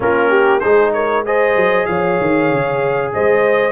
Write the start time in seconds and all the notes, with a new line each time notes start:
0.00 A#3 C#4 F4 A#4
0.29 G4
0.60 G#3 D#4 G#4 C5
0.93 A#4 C#5
1.25 G#4 C5 D#5
1.56 F#3
1.86 F3 C#5 F5
2.21 D#3
2.51 C#3
3.13 G#3 C5 D#5